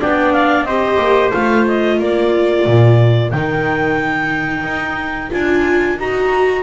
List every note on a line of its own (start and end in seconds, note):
0.00 0.64 B3
0.00 0.67 D4
0.00 0.67 D5
0.00 0.32 G5
0.32 0.64 F5
0.64 0.97 C4
0.64 1.32 G4
0.64 1.99 C5
0.64 1.31 D#5
0.98 1.32 A#3
1.32 1.99 A3
1.32 3.32 F4
1.32 1.66 F5
1.67 2.01 D#5
1.99 2.66 A#3
1.99 6.63 A#4
1.99 3.31 D5
2.66 3.32 A#2
3.31 4.63 D#3
3.31 5.30 D#4
3.31 5.31 G5
4.63 5.30 D#4
5.30 5.99 D4
5.30 5.97 F4
5.30 5.99 G#5
5.99 6.63 D#4
5.99 6.63 F#4
5.99 6.63 A#5